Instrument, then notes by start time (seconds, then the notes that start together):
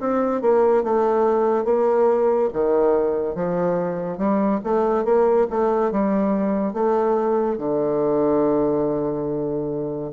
bassoon
0.00 C4
0.41 A#3
0.83 A3
1.65 A#3
2.53 D#3
3.35 F3
4.18 G3
4.64 A3
5.04 A#3
5.50 A3
5.92 G3
6.73 A3
7.58 D3